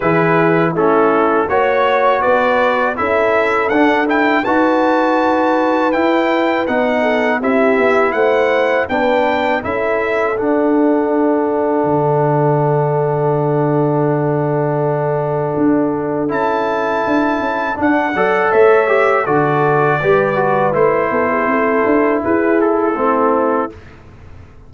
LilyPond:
<<
  \new Staff \with { instrumentName = "trumpet" } { \time 4/4 \tempo 4 = 81 b'4 a'4 cis''4 d''4 | e''4 fis''8 g''8 a''2 | g''4 fis''4 e''4 fis''4 | g''4 e''4 fis''2~ |
fis''1~ | fis''2 a''2 | fis''4 e''4 d''2 | c''2 b'8 a'4. | }
  \new Staff \with { instrumentName = "horn" } { \time 4/4 gis'4 e'4 cis''4 b'4 | a'2 b'2~ | b'4. a'8 g'4 c''4 | b'4 a'2.~ |
a'1~ | a'1~ | a'8 d''8 cis''4 a'4 b'4~ | b'8 a'16 gis'16 a'4 gis'4 e'4 | }
  \new Staff \with { instrumentName = "trombone" } { \time 4/4 e'4 cis'4 fis'2 | e'4 d'8 e'8 fis'2 | e'4 dis'4 e'2 | d'4 e'4 d'2~ |
d'1~ | d'2 e'2 | d'8 a'4 g'8 fis'4 g'8 fis'8 | e'2. c'4 | }
  \new Staff \with { instrumentName = "tuba" } { \time 4/4 e4 a4 ais4 b4 | cis'4 d'4 dis'2 | e'4 b4 c'8 b8 a4 | b4 cis'4 d'2 |
d1~ | d4 d'4 cis'4 d'8 cis'8 | d'8 fis8 a4 d4 g4 | a8 b8 c'8 d'8 e'4 a4 | }
>>